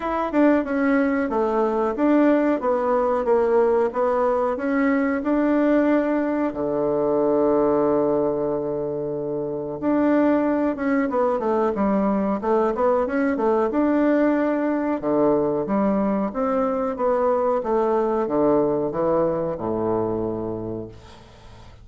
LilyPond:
\new Staff \with { instrumentName = "bassoon" } { \time 4/4 \tempo 4 = 92 e'8 d'8 cis'4 a4 d'4 | b4 ais4 b4 cis'4 | d'2 d2~ | d2. d'4~ |
d'8 cis'8 b8 a8 g4 a8 b8 | cis'8 a8 d'2 d4 | g4 c'4 b4 a4 | d4 e4 a,2 | }